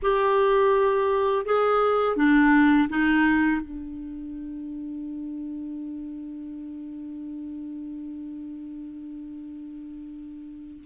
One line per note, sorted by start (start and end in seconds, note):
0.02 1.45 G4
1.45 2.16 G#4
2.16 2.88 D4
2.89 3.61 D#4
3.61 10.84 D4